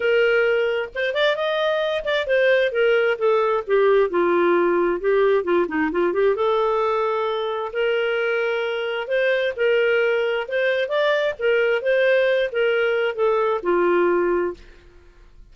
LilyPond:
\new Staff \with { instrumentName = "clarinet" } { \time 4/4 \tempo 4 = 132 ais'2 c''8 d''8 dis''4~ | dis''8 d''8 c''4 ais'4 a'4 | g'4 f'2 g'4 | f'8 dis'8 f'8 g'8 a'2~ |
a'4 ais'2. | c''4 ais'2 c''4 | d''4 ais'4 c''4. ais'8~ | ais'4 a'4 f'2 | }